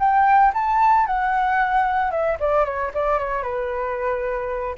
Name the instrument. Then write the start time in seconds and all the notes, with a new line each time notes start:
flute
0.00 G5
0.54 A5
1.07 F#5
2.11 E5
2.40 D5
2.65 C#5
2.94 D5
3.19 C#5
3.43 B4